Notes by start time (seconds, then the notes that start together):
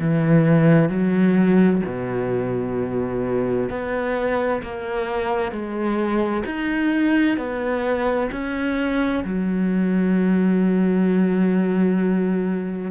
0.00 E3
0.89 F#3
1.86 B2
3.70 B3
4.63 A#3
5.52 G#3
6.46 D#4
7.38 B3
8.32 C#4
9.25 F#3